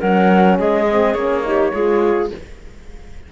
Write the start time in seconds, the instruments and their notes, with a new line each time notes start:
0.00 cello F#3, horn C#4, clarinet A#4, flute F#5
0.58 cello G#3, clarinet G#4, flute D#5
0.88 horn C4
1.14 cello A#3, horn C#4, flute C#5
1.44 horn D#4, clarinet G4
1.72 cello G#3, horn F4, clarinet G#4